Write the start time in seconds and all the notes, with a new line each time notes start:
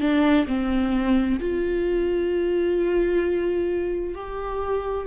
0.00 D4
0.47 C4
1.39 F4
4.14 G4